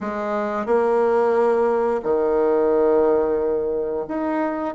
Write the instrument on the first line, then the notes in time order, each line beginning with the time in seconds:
bassoon
0.00 G#3
0.66 A#3
2.03 D#3
4.08 D#4